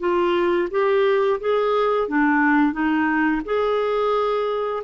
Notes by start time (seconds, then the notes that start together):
0.00 F4
0.71 G4
1.41 G#4
2.08 D4
2.73 D#4
3.45 G#4